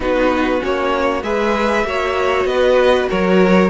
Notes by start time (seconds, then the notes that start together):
0.00 B3 D#4 F#4 B4
0.59 A#3 C#4 C#5
1.22 G#3 G#4 B4 E5
1.84 A#3 F#4 C#5
2.44 B3 B4 D#5
3.09 F#3 A#4 C#5